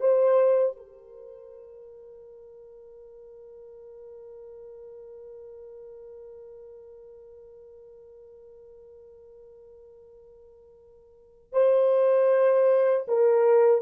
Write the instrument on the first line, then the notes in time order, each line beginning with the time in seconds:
horn
0.00 C5
0.77 A#4
11.52 C5
13.07 A#4